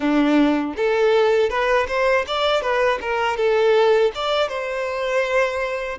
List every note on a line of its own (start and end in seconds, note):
0.00 0.74 D4
0.76 1.49 A4
1.49 1.86 B4
1.87 2.25 C5
2.27 2.61 D5
2.61 2.99 B4
3.01 3.36 A#4
3.36 4.11 A4
4.14 4.48 D5
4.48 5.98 C5